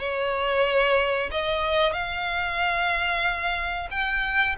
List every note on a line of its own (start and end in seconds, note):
0.00 1.30 C#5
1.32 1.93 D#5
1.93 3.89 F5
3.91 4.56 G5